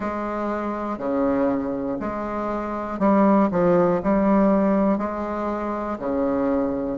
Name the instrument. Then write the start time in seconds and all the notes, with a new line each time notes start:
bassoon
0.00 G#3
0.97 C#3
2.00 G#3
2.99 G3
3.51 F3
4.03 G3
4.97 G#3
5.98 C#3